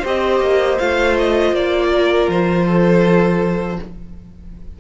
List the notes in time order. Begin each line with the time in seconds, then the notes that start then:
0.00 C4 G4 C5
0.06 D#5
0.40 A#3
0.79 A3 F4 F5
1.19 D#5
1.52 A#3 D5
1.93 A#4
2.28 F3 C5
2.66 A4